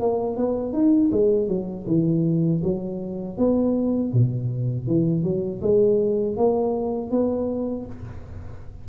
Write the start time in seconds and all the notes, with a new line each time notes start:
0.00 A#3
0.36 B3
0.72 D#4
1.11 G#3
1.48 F#3
1.86 E3
2.63 F#3
3.38 B3
4.12 B2
4.87 E3
5.23 F#3
5.61 G#3
6.36 A#3
7.10 B3